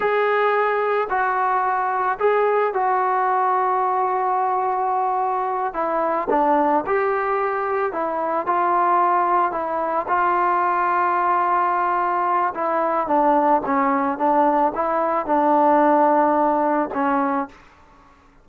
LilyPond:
\new Staff \with { instrumentName = "trombone" } { \time 4/4 \tempo 4 = 110 gis'2 fis'2 | gis'4 fis'2.~ | fis'2~ fis'8 e'4 d'8~ | d'8 g'2 e'4 f'8~ |
f'4. e'4 f'4.~ | f'2. e'4 | d'4 cis'4 d'4 e'4 | d'2. cis'4 | }